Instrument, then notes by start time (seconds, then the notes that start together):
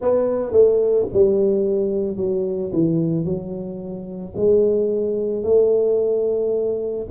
tuba
0.00 B3
0.52 A3
1.13 G3
2.17 F#3
2.72 E3
3.24 F#3
4.36 G#3
5.43 A3